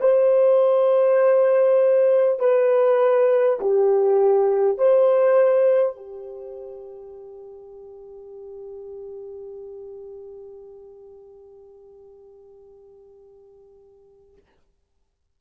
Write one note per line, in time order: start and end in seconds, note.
0.00 2.39 C5
2.39 3.59 B4
3.60 4.78 G4
4.78 5.96 C5
5.96 14.36 G4